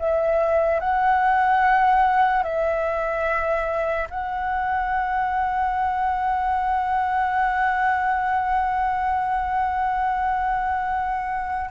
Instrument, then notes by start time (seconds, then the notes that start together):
flute
0.00 E5
0.81 F#5
2.44 E5
4.11 F#5